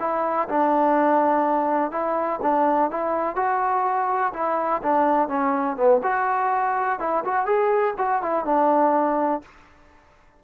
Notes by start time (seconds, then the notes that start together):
0.00 E4
0.49 D4
1.92 E4
2.43 D4
2.91 E4
3.36 F#4
4.34 E4
4.83 D4
5.29 C#4
5.77 B3
6.04 F#4
7.00 E4
7.25 F#4
7.46 G#4
7.98 F#4
8.23 E4
8.45 D4